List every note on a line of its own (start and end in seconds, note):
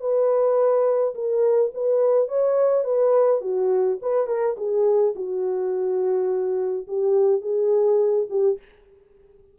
0.00 1.14 B4
1.15 1.72 A#4
1.74 2.28 B4
2.28 2.84 C#5
2.84 3.41 B4
3.41 3.98 F#4
4.02 4.27 B4
4.27 4.56 A#4
4.57 5.14 G#4
5.15 6.87 F#4
6.87 7.42 G4
7.42 8.27 G#4
8.30 8.58 G4